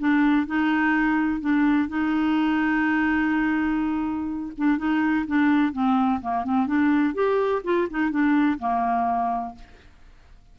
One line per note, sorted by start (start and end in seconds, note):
0.00 0.47 D4
0.47 1.41 D#4
1.41 1.89 D4
1.89 4.53 D#4
4.58 4.78 D4
4.78 5.26 D#4
5.28 5.73 D4
5.73 6.21 C4
6.22 6.45 A#3
6.45 6.67 C4
6.67 7.15 D4
7.15 7.63 G4
7.65 7.89 F4
7.90 8.11 D#4
8.11 8.59 D4
8.59 9.55 A#3